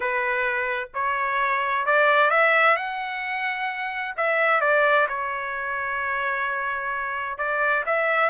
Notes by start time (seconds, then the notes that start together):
0.00 B4
0.94 C#5
1.86 D5
2.30 E5
2.76 F#5
4.16 E5
4.60 D5
5.08 C#5
7.37 D5
7.86 E5